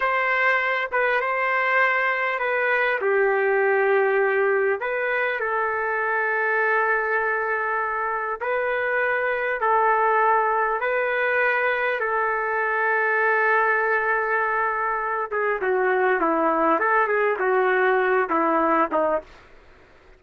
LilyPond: \new Staff \with { instrumentName = "trumpet" } { \time 4/4 \tempo 4 = 100 c''4. b'8 c''2 | b'4 g'2. | b'4 a'2.~ | a'2 b'2 |
a'2 b'2 | a'1~ | a'4. gis'8 fis'4 e'4 | a'8 gis'8 fis'4. e'4 dis'8 | }